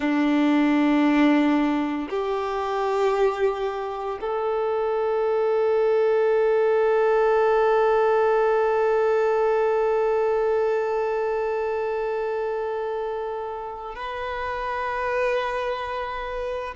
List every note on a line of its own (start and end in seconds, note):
0.00 2.08 D4
2.09 4.19 G4
4.21 13.95 A4
13.95 16.74 B4